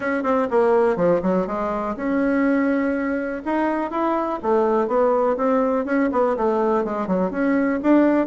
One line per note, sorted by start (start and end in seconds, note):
0.00 0.23 C#4
0.23 0.47 C4
0.50 0.96 A#3
0.96 1.20 F3
1.22 1.46 F#3
1.46 1.95 G#3
1.96 3.42 C#4
3.45 3.90 D#4
3.90 4.39 E4
4.42 4.87 A3
4.87 5.36 B3
5.36 5.85 C4
5.85 6.09 C#4
6.12 6.36 B3
6.36 6.84 A3
6.84 7.07 G#3
7.07 7.31 F#3
7.31 7.79 C#4
7.82 8.27 D4